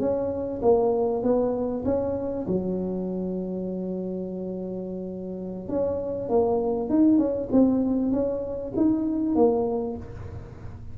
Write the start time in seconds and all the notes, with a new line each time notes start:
0.00 C#4
0.62 A#3
1.23 B3
1.85 C#4
2.47 F#3
5.69 C#4
6.29 A#3
6.90 D#4
7.18 C#4
7.52 C4
8.12 C#4
8.76 D#4
9.35 A#3